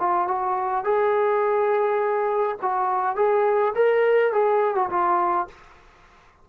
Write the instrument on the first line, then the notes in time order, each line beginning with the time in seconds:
trombone
0.00 F4
0.28 F#4
0.85 G#4
2.62 F#4
3.17 G#4
3.75 A#4
4.33 G#4
4.75 F#4
4.90 F4